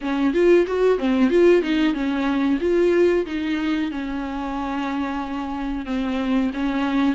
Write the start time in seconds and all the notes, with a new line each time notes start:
0.01 C#4
0.33 F4
0.66 F#4
0.98 C4
1.30 F4
1.62 D#4
1.94 C#4
2.60 F4
3.25 D#4
3.91 C#4
5.85 C4
6.53 C#4